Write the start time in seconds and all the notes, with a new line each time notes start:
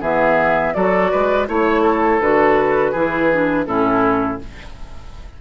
0.00 E3 B3 G#4 E5
0.74 F#3 F#4 A4 D5
1.11 G#3 B4
1.47 A3 E4 C#5
1.82 A4
2.20 D3 F#4 B4
2.91 E3 E4 G#4
3.32 D4
3.66 A2 C#4 E4 A4